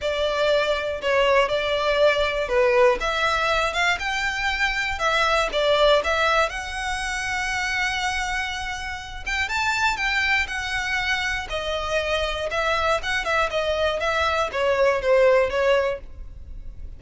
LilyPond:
\new Staff \with { instrumentName = "violin" } { \time 4/4 \tempo 4 = 120 d''2 cis''4 d''4~ | d''4 b'4 e''4. f''8 | g''2 e''4 d''4 | e''4 fis''2.~ |
fis''2~ fis''8 g''8 a''4 | g''4 fis''2 dis''4~ | dis''4 e''4 fis''8 e''8 dis''4 | e''4 cis''4 c''4 cis''4 | }